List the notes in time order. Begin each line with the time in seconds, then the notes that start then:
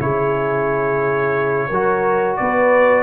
0.00 C#3 E4 G#4 C#5
1.69 F#3 F#4 A#4
2.37 B3 B4 D5